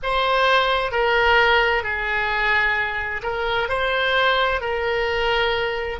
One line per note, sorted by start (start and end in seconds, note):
0.03 0.91 C5
0.91 1.83 A#4
1.83 3.21 G#4
3.22 3.68 A#4
3.68 4.61 C5
4.61 5.99 A#4